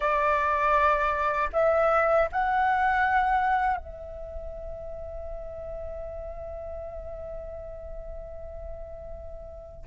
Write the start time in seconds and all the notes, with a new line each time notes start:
0.00 D5
1.52 E5
2.32 F#5
3.76 E5